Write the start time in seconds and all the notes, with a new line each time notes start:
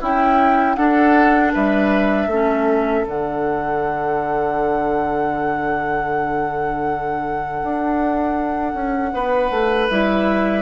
0.00 C#4 E4 G5
0.75 D4 A4 F#5
1.53 G3 B4 E5
2.27 A3 C#4 A4
3.05 D3 D4 F#5
7.62 D4
8.73 C#4
9.13 B3 B4
9.50 A3
9.90 G3 E4 E5